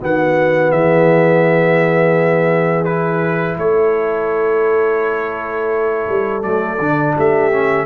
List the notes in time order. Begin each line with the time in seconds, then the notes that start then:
0.00 D#3 B3 F#4 F#5
0.72 E3 G#4 E5
2.85 E4 B4
3.58 A3 A4 C#5
6.09 G3
6.43 F#3 A3 D5
6.80 D3 D4
7.16 A3 G4 E5
7.52 C#4